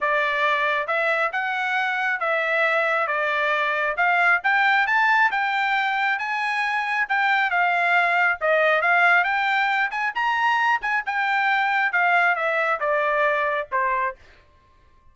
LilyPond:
\new Staff \with { instrumentName = "trumpet" } { \time 4/4 \tempo 4 = 136 d''2 e''4 fis''4~ | fis''4 e''2 d''4~ | d''4 f''4 g''4 a''4 | g''2 gis''2 |
g''4 f''2 dis''4 | f''4 g''4. gis''8 ais''4~ | ais''8 gis''8 g''2 f''4 | e''4 d''2 c''4 | }